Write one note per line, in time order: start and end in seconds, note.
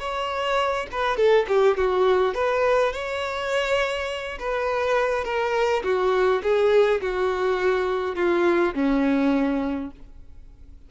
0.00 0.87 C#5
0.92 1.17 B4
1.17 1.46 A4
1.48 1.77 G4
1.77 2.35 F#4
2.35 2.93 B4
2.93 4.39 C#5
4.40 5.25 B4
5.25 5.83 A#4
5.84 6.42 F#4
6.43 7.01 G#4
7.01 8.16 F#4
8.16 8.74 F4
8.75 9.91 C#4